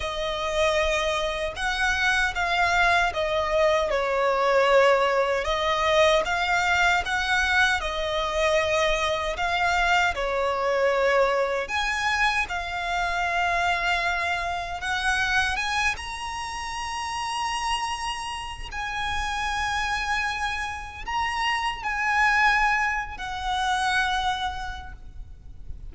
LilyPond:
\new Staff \with { instrumentName = "violin" } { \time 4/4 \tempo 4 = 77 dis''2 fis''4 f''4 | dis''4 cis''2 dis''4 | f''4 fis''4 dis''2 | f''4 cis''2 gis''4 |
f''2. fis''4 | gis''8 ais''2.~ ais''8 | gis''2. ais''4 | gis''4.~ gis''16 fis''2~ fis''16 | }